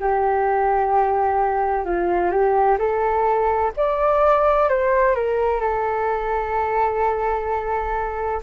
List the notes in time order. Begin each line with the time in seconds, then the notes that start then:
0.00 G4
1.85 F4
2.31 G4
2.79 A4
3.76 D5
4.69 C5
5.15 A#4
5.60 A4